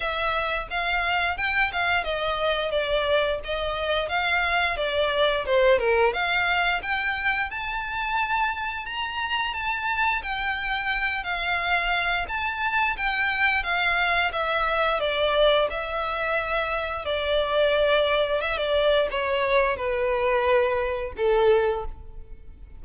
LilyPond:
\new Staff \with { instrumentName = "violin" } { \time 4/4 \tempo 4 = 88 e''4 f''4 g''8 f''8 dis''4 | d''4 dis''4 f''4 d''4 | c''8 ais'8 f''4 g''4 a''4~ | a''4 ais''4 a''4 g''4~ |
g''8 f''4. a''4 g''4 | f''4 e''4 d''4 e''4~ | e''4 d''2 e''16 d''8. | cis''4 b'2 a'4 | }